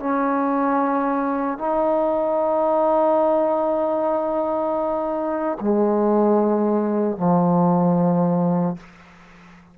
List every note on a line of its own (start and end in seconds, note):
0.00 1.59 C#4
1.59 5.59 D#4
5.61 7.17 G#3
7.17 8.77 F3